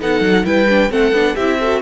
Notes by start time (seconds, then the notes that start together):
0.00 B3 D#4 A4 F#5
0.20 F#3
0.44 G3 E4 B4 G5
0.69 D4
0.90 A3 C4 A4 F#5
1.12 B3 D4
1.35 C4 E4 G4 E5
1.59 F#4 A4